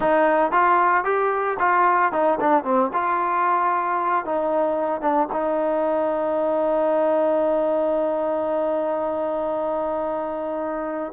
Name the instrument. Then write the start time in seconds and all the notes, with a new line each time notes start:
trombone
0.00 D#4
0.51 F4
1.04 G4
1.59 F4
2.12 D#4
2.40 D4
2.64 C4
2.93 F4
4.25 D#4
5.01 D4
5.32 D#4